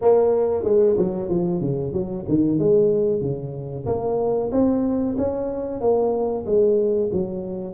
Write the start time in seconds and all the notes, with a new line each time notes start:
0.01 A#3
0.64 G#3
0.97 F#3
1.29 F3
1.60 C#3
1.92 F#3
2.28 D#3
2.58 G#3
3.21 C#3
3.86 A#3
4.51 C4
5.17 C#4
5.80 A#3
6.45 G#3
7.12 F#3